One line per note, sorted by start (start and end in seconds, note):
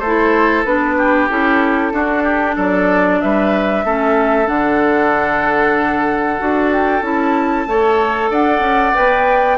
0.00 0.65 A3
0.00 0.96 A4
0.00 0.64 C5
0.06 0.66 E4
0.65 1.29 B3
0.65 1.30 D4
0.65 1.29 B4
0.98 1.93 G4
1.30 1.93 C#4
1.30 1.93 E4
1.30 2.57 A4
1.93 2.57 D4
1.93 3.86 D4
1.93 2.24 F#4
2.24 2.56 G4
2.56 3.21 F#3
2.56 3.19 A4
2.56 3.22 D5
3.22 3.85 G3
3.22 3.86 B4
3.22 4.48 E5
3.85 4.48 A3
3.85 4.46 C#4
3.85 7.69 A4
4.46 6.40 D3
4.46 6.38 D4
4.46 6.71 F#5
6.39 7.02 D4
6.39 7.03 F#4
6.72 7.04 G5
7.02 7.66 C#4
7.02 7.66 E4
7.02 8.33 A5
7.67 8.31 A3
7.67 8.94 A4
7.67 8.31 C#5
8.31 8.60 D4
8.31 9.59 D5
8.31 8.95 F#5
8.60 8.92 C#4
8.94 9.59 B3
8.94 9.58 B4
8.94 9.59 G5